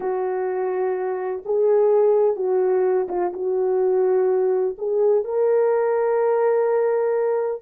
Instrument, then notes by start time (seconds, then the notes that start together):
horn
0.00 F#4
1.45 G#4
2.36 F#4
3.08 F4
3.33 F#4
4.78 G#4
5.24 A#4